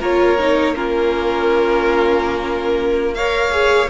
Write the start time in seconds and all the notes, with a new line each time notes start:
0.00 A#3 F4 A#4 C#5
0.39 D#4
0.76 C#4 F4 A#4
3.15 A#4 C#5 F5
3.52 G#4